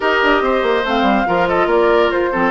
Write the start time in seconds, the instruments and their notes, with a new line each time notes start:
0.00 bassoon D#4, clarinet G4, oboe A#4, flute D#5
0.22 bassoon D4
0.41 bassoon C4, oboe C5
0.62 bassoon A#3
0.85 bassoon A3, clarinet C4, flute F5
1.01 bassoon G3
1.26 bassoon F3, clarinet F4, oboe A#4
1.48 oboe A4, flute D#5
1.66 bassoon A#3, oboe A#4, flute D5
2.11 bassoon F4, flute C5
2.32 bassoon F3, clarinet C4, oboe A4